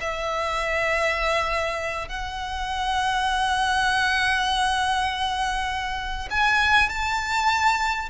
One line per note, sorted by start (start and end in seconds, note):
0.00 2.08 E5
2.08 6.28 F#5
6.30 6.89 G#5
6.89 8.09 A5